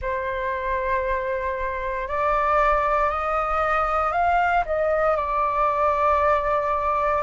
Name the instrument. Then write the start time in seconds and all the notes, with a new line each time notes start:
flute
0.01 C5
2.08 D5
3.10 D#5
4.12 F5
4.65 D#5
5.16 D5